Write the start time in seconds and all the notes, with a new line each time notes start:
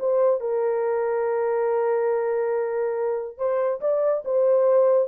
0.00 C5
0.41 A#4
3.38 C5
3.81 D5
4.25 C5